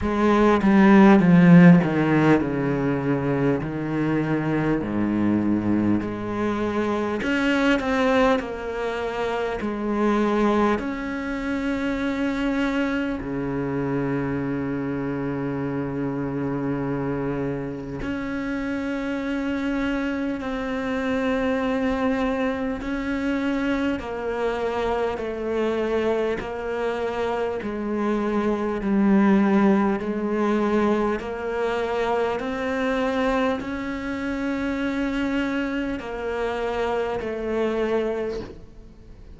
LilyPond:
\new Staff \with { instrumentName = "cello" } { \time 4/4 \tempo 4 = 50 gis8 g8 f8 dis8 cis4 dis4 | gis,4 gis4 cis'8 c'8 ais4 | gis4 cis'2 cis4~ | cis2. cis'4~ |
cis'4 c'2 cis'4 | ais4 a4 ais4 gis4 | g4 gis4 ais4 c'4 | cis'2 ais4 a4 | }